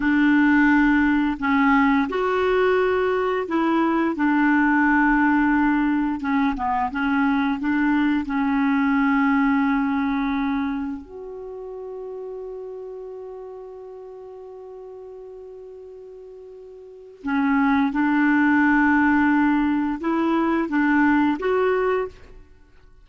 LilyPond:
\new Staff \with { instrumentName = "clarinet" } { \time 4/4 \tempo 4 = 87 d'2 cis'4 fis'4~ | fis'4 e'4 d'2~ | d'4 cis'8 b8 cis'4 d'4 | cis'1 |
fis'1~ | fis'1~ | fis'4 cis'4 d'2~ | d'4 e'4 d'4 fis'4 | }